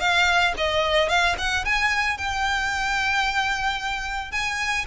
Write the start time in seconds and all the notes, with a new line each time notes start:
0.00 F5
0.57 D#5
1.09 F5
1.38 F#5
1.65 G#5
2.17 G5
4.31 G#5